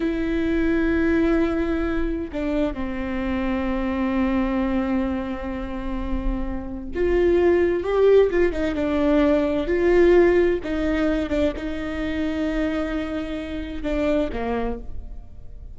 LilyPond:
\new Staff \with { instrumentName = "viola" } { \time 4/4 \tempo 4 = 130 e'1~ | e'4 d'4 c'2~ | c'1~ | c'2. f'4~ |
f'4 g'4 f'8 dis'8 d'4~ | d'4 f'2 dis'4~ | dis'8 d'8 dis'2.~ | dis'2 d'4 ais4 | }